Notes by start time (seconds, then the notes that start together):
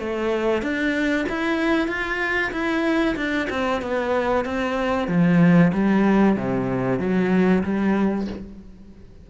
0.00 A3
0.62 D4
1.29 E4
1.88 F4
2.52 E4
3.17 D4
3.50 C4
3.82 B3
4.45 C4
5.08 F3
5.74 G3
6.37 C3
7.00 F#3
7.64 G3